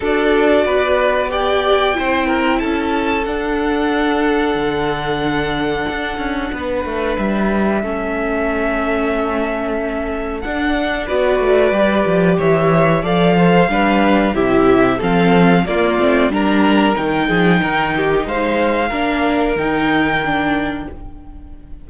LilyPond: <<
  \new Staff \with { instrumentName = "violin" } { \time 4/4 \tempo 4 = 92 d''2 g''2 | a''4 fis''2.~ | fis''2. e''4~ | e''1 |
fis''4 d''2 e''4 | f''2 e''4 f''4 | d''4 ais''4 g''2 | f''2 g''2 | }
  \new Staff \with { instrumentName = "violin" } { \time 4/4 a'4 b'4 d''4 c''8 ais'8 | a'1~ | a'2 b'2 | a'1~ |
a'4 b'2 cis''4 | d''8 c''8 b'4 g'4 a'4 | f'4 ais'4. gis'8 ais'8 g'8 | c''4 ais'2. | }
  \new Staff \with { instrumentName = "viola" } { \time 4/4 fis'2 g'4 e'4~ | e'4 d'2.~ | d'1 | cis'1 |
d'4 fis'4 g'2 | a'4 d'4 e'4 c'4 | ais8 c'8 d'4 dis'2~ | dis'4 d'4 dis'4 d'4 | }
  \new Staff \with { instrumentName = "cello" } { \time 4/4 d'4 b2 c'4 | cis'4 d'2 d4~ | d4 d'8 cis'8 b8 a8 g4 | a1 |
d'4 b8 a8 g8 f8 e4 | f4 g4 c4 f4 | ais8 a8 g4 dis8 f8 dis4 | gis4 ais4 dis2 | }
>>